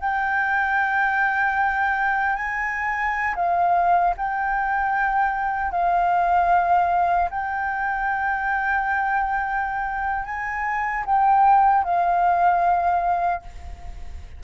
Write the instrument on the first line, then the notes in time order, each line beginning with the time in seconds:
flute
0.00 G5
2.36 G#5
3.36 F5
4.17 G5
5.72 F5
7.31 G5
10.26 G#5
11.06 G5
11.85 F5